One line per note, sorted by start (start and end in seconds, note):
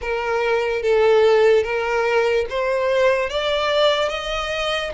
0.01 0.82 A#4
0.82 1.63 A4
1.63 2.45 A#4
2.49 3.29 C5
3.29 4.09 D5
4.09 4.91 D#5